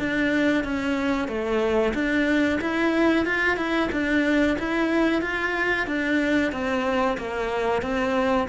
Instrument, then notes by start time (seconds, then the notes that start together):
cello
0.00 D4
0.65 C#4
1.28 A3
1.94 D4
2.62 E4
3.26 F4
3.57 E4
3.92 D4
4.59 E4
5.22 F4
5.87 D4
6.52 C4
7.18 A#3
7.83 C4